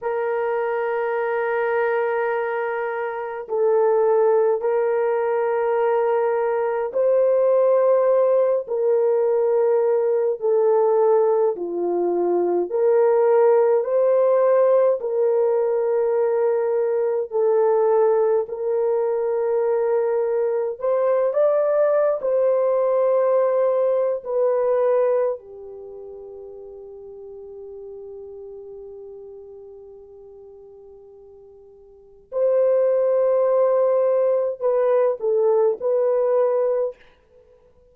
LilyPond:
\new Staff \with { instrumentName = "horn" } { \time 4/4 \tempo 4 = 52 ais'2. a'4 | ais'2 c''4. ais'8~ | ais'4 a'4 f'4 ais'4 | c''4 ais'2 a'4 |
ais'2 c''8 d''8. c''8.~ | c''4 b'4 g'2~ | g'1 | c''2 b'8 a'8 b'4 | }